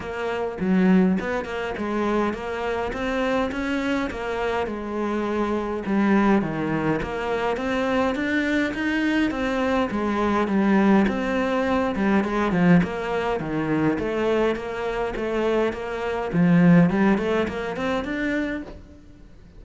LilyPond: \new Staff \with { instrumentName = "cello" } { \time 4/4 \tempo 4 = 103 ais4 fis4 b8 ais8 gis4 | ais4 c'4 cis'4 ais4 | gis2 g4 dis4 | ais4 c'4 d'4 dis'4 |
c'4 gis4 g4 c'4~ | c'8 g8 gis8 f8 ais4 dis4 | a4 ais4 a4 ais4 | f4 g8 a8 ais8 c'8 d'4 | }